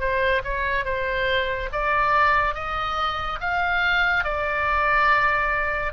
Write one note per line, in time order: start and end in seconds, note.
0.00 0.42 C5
0.44 0.85 C#5
0.85 1.69 C5
1.73 2.55 D5
2.55 3.39 D#5
3.41 4.24 F5
4.24 5.93 D5